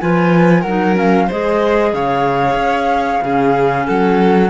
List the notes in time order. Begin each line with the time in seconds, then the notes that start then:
0.00 F3 F4 B4 G#5
0.62 F#3 A#4 F#5
0.68 D#4
0.95 C#4 F5
1.28 G#3 G#4 C5 D#5
1.94 C#3 C#5 F5
2.55 C#4
3.24 C#3 C#4 G#4
3.87 F#3 A4 F#5